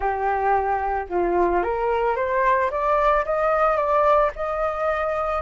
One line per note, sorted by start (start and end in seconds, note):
0.00 1.07 G4
1.09 1.63 F4
1.63 2.16 A#4
2.16 2.70 C5
2.71 3.25 D5
3.25 3.76 D#5
3.76 4.30 D5
4.35 5.42 D#5